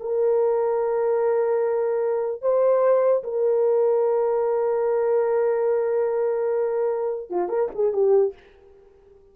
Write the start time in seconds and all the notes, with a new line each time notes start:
0.00 A#4
2.42 C5
3.24 A#4
7.30 F4
7.49 A#4
7.75 G#4
7.93 G4